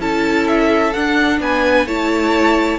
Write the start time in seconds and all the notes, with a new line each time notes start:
0.00 C#4 E4 A4 A5
0.47 E5
0.93 D4 F#5
1.40 B3 B4 G#5
1.86 A3 E4 C#5 A5